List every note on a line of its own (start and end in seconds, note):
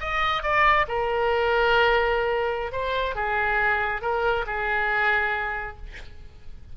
0.00 0.42 D#5
0.42 0.86 D5
0.88 2.72 A#4
2.72 3.15 C5
3.15 4.01 G#4
4.01 4.45 A#4
4.46 5.77 G#4